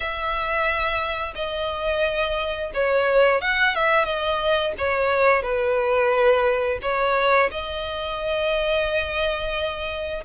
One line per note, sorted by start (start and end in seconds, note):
0.00 1.33 E5
1.35 2.71 D#5
2.73 3.41 C#5
3.41 3.75 F#5
3.75 4.04 E5
4.04 4.73 D#5
4.78 5.42 C#5
5.42 6.78 B4
6.82 7.50 C#5
7.51 10.23 D#5